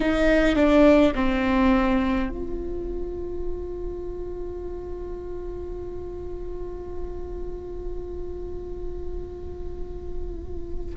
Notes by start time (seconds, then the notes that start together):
0.00 D#4
0.55 D4
1.14 C4
2.29 F4